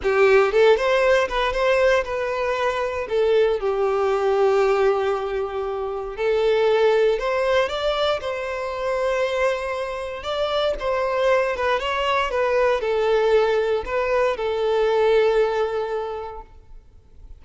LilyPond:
\new Staff \with { instrumentName = "violin" } { \time 4/4 \tempo 4 = 117 g'4 a'8 c''4 b'8 c''4 | b'2 a'4 g'4~ | g'1 | a'2 c''4 d''4 |
c''1 | d''4 c''4. b'8 cis''4 | b'4 a'2 b'4 | a'1 | }